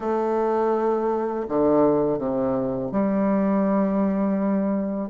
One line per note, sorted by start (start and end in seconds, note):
0.00 1.46 A3
1.48 2.18 D3
2.18 2.91 C3
2.91 5.10 G3